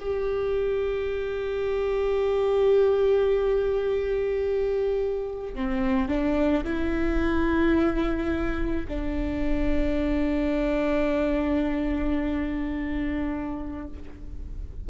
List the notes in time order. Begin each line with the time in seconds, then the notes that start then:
0.00 G4
5.55 C4
6.09 D4
6.65 E4
8.88 D4